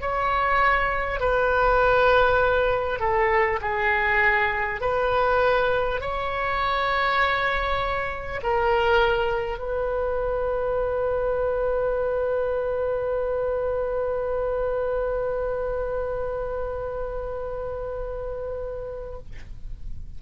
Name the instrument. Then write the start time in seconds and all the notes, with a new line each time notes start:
oboe
0.00 C#5
1.20 B4
2.99 A4
3.61 G#4
4.80 B4
6.01 C#5
8.42 A#4
9.58 B4